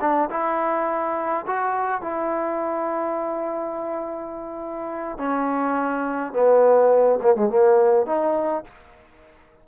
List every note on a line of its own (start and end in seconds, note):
0.00 0.29 D4
0.30 1.45 E4
1.46 2.01 F#4
2.01 5.18 E4
5.18 6.33 C#4
6.33 7.19 B3
7.22 7.35 A#3
7.35 7.49 G#3
7.49 8.06 A#3
8.06 8.64 D#4